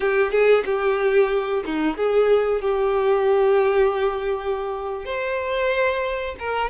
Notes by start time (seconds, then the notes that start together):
0.00 G4
0.31 G#4
0.65 G4
1.65 D#4
1.96 G#4
2.61 G4
5.05 C5
6.39 A#4